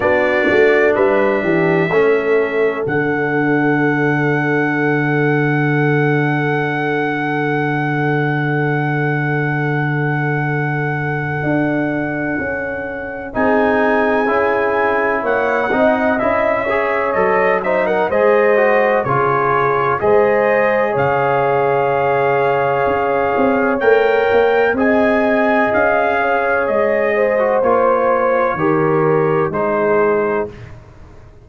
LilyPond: <<
  \new Staff \with { instrumentName = "trumpet" } { \time 4/4 \tempo 4 = 63 d''4 e''2 fis''4~ | fis''1~ | fis''1~ | fis''2 gis''2 |
fis''4 e''4 dis''8 e''16 fis''16 dis''4 | cis''4 dis''4 f''2~ | f''4 g''4 gis''4 f''4 | dis''4 cis''2 c''4 | }
  \new Staff \with { instrumentName = "horn" } { \time 4/4 fis'4 b'8 g'8 a'2~ | a'1~ | a'1~ | a'2 gis'2 |
cis''8 dis''4 cis''4 c''16 ais'16 c''4 | gis'4 c''4 cis''2~ | cis''2 dis''4. cis''8~ | cis''8 c''4. ais'4 gis'4 | }
  \new Staff \with { instrumentName = "trombone" } { \time 4/4 d'2 cis'4 d'4~ | d'1~ | d'1~ | d'2 dis'4 e'4~ |
e'8 dis'8 e'8 gis'8 a'8 dis'8 gis'8 fis'8 | f'4 gis'2.~ | gis'4 ais'4 gis'2~ | gis'8. fis'16 f'4 g'4 dis'4 | }
  \new Staff \with { instrumentName = "tuba" } { \time 4/4 b8 a8 g8 e8 a4 d4~ | d1~ | d1 | d'4 cis'4 c'4 cis'4 |
ais8 c'8 cis'4 fis4 gis4 | cis4 gis4 cis2 | cis'8 c'8 a8 ais8 c'4 cis'4 | gis4 ais4 dis4 gis4 | }
>>